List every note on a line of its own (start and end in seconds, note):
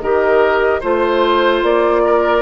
0.00 0.82 D#3
0.00 0.82 G4
0.00 0.81 A#4
0.00 0.81 D#5
0.81 1.62 A3
0.81 2.42 F4
0.81 2.02 C5
0.81 1.64 C5
1.62 2.42 A#3
1.62 2.42 D5
2.05 2.42 A#4